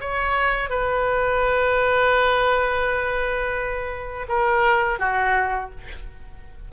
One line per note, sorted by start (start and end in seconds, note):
0.00 0.69 C#5
0.69 4.26 B4
4.28 4.99 A#4
4.99 5.70 F#4